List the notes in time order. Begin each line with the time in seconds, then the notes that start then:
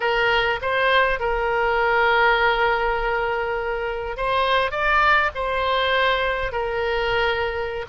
0.00 A#4
0.61 C5
1.19 A#4
4.16 C5
4.71 D5
5.34 C5
6.52 A#4